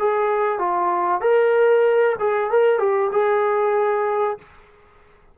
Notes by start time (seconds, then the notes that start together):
0.00 G#4
0.59 F4
1.21 A#4
2.19 G#4
2.51 A#4
2.79 G4
3.12 G#4